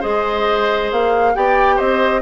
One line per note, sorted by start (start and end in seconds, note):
0.00 0.91 G#3
0.00 1.33 G#4
0.00 1.32 C5
0.00 0.90 D#5
0.91 1.35 A#3
0.91 1.35 F5
1.34 1.80 B3
1.34 2.22 G4
1.34 1.76 D5
1.34 1.78 G5
1.76 2.22 C4
1.76 2.20 C5
1.76 2.22 D#5